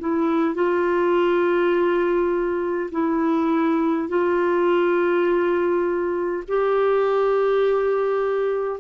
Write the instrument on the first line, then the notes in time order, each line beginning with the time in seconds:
clarinet
0.00 E4
0.55 F4
2.91 E4
4.09 F4
6.48 G4